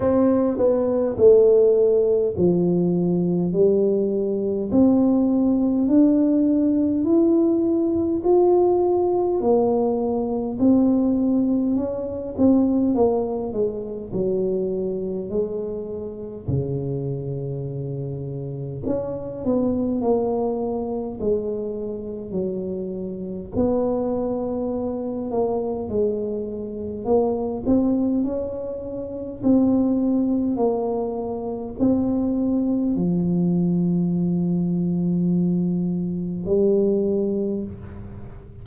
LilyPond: \new Staff \with { instrumentName = "tuba" } { \time 4/4 \tempo 4 = 51 c'8 b8 a4 f4 g4 | c'4 d'4 e'4 f'4 | ais4 c'4 cis'8 c'8 ais8 gis8 | fis4 gis4 cis2 |
cis'8 b8 ais4 gis4 fis4 | b4. ais8 gis4 ais8 c'8 | cis'4 c'4 ais4 c'4 | f2. g4 | }